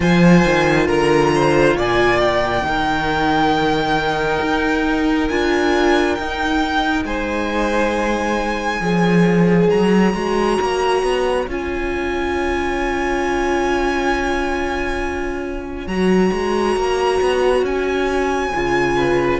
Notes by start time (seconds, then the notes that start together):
0.00 F3 F4 C5 G#5
0.44 D#3
0.87 D3 A#4 A#5
1.34 C5
1.76 A#2 D5 G#5
2.20 G5
2.62 D#3 D#4 A#4
4.41 D#4
5.28 D4 F4 G#5
6.15 D#4 G5
7.04 G#3 C5 G#5
8.80 F3 G#4 C#5
9.70 F#3 A#5
10.14 G#3 F#4
10.61 A#3
11.02 B3
11.47 C#4 F4 G#5
15.86 F#3 F#4 A#5
16.32 G#3
16.76 A#3
17.20 B3
17.62 C#4 G#5
18.54 C#3 F4
18.96 B4